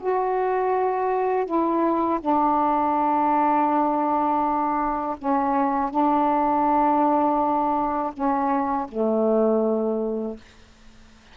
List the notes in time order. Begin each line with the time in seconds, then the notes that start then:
0.00 F#4
1.45 E4
2.20 D4
5.18 C#4
5.90 D4
8.13 C#4
8.89 A3